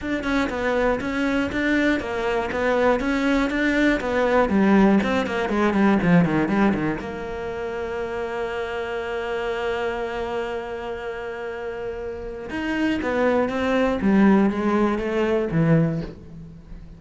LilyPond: \new Staff \with { instrumentName = "cello" } { \time 4/4 \tempo 4 = 120 d'8 cis'8 b4 cis'4 d'4 | ais4 b4 cis'4 d'4 | b4 g4 c'8 ais8 gis8 g8 | f8 dis8 g8 dis8 ais2~ |
ais1~ | ais1~ | ais4 dis'4 b4 c'4 | g4 gis4 a4 e4 | }